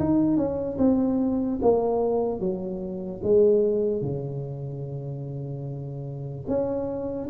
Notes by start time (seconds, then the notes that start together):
0.00 D#4
0.37 C#4
0.79 C4
1.63 A#3
2.40 F#3
3.24 G#3
4.02 C#3
6.48 C#4